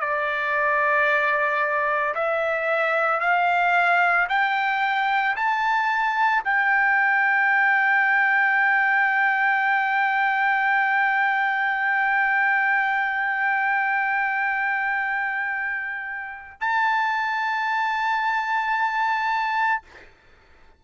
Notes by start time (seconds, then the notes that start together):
0.00 D5
2.15 E5
3.20 F5
4.29 G5
5.36 A5
6.44 G5
16.61 A5